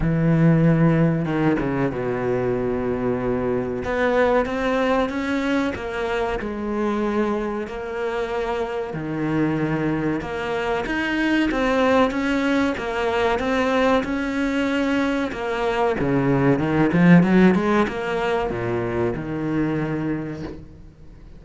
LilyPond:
\new Staff \with { instrumentName = "cello" } { \time 4/4 \tempo 4 = 94 e2 dis8 cis8 b,4~ | b,2 b4 c'4 | cis'4 ais4 gis2 | ais2 dis2 |
ais4 dis'4 c'4 cis'4 | ais4 c'4 cis'2 | ais4 cis4 dis8 f8 fis8 gis8 | ais4 ais,4 dis2 | }